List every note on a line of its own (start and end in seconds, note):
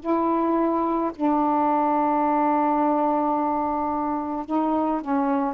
0.00 1.11 E4
1.15 4.45 D4
4.45 5.01 D#4
5.01 5.54 C#4